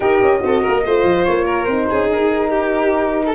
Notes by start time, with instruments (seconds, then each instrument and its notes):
0.00 tuba D#4, horn G4, violin A#4, flute D#5
0.22 tuba C#4
0.40 tuba C4, horn F#4, violin A4
0.62 tuba A#3, violin A#4
0.86 tuba A3, horn F4, violin C5
1.04 tuba F3
1.25 tuba A#3, flute C#5
1.44 violin A#4
1.64 tuba C4, horn D#4, flute C5
1.89 tuba C#4, violin G#4
2.10 tuba D#4, flute A#4
2.49 violin G4
3.25 violin A4